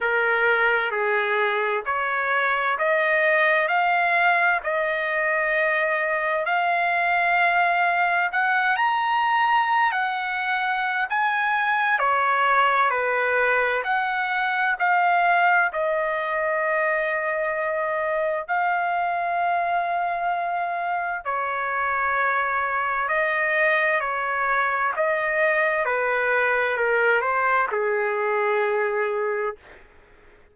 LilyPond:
\new Staff \with { instrumentName = "trumpet" } { \time 4/4 \tempo 4 = 65 ais'4 gis'4 cis''4 dis''4 | f''4 dis''2 f''4~ | f''4 fis''8 ais''4~ ais''16 fis''4~ fis''16 | gis''4 cis''4 b'4 fis''4 |
f''4 dis''2. | f''2. cis''4~ | cis''4 dis''4 cis''4 dis''4 | b'4 ais'8 c''8 gis'2 | }